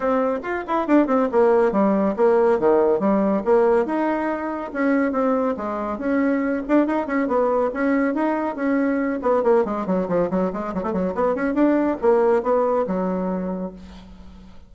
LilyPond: \new Staff \with { instrumentName = "bassoon" } { \time 4/4 \tempo 4 = 140 c'4 f'8 e'8 d'8 c'8 ais4 | g4 ais4 dis4 g4 | ais4 dis'2 cis'4 | c'4 gis4 cis'4. d'8 |
dis'8 cis'8 b4 cis'4 dis'4 | cis'4. b8 ais8 gis8 fis8 f8 | fis8 gis8 fis16 a16 fis8 b8 cis'8 d'4 | ais4 b4 fis2 | }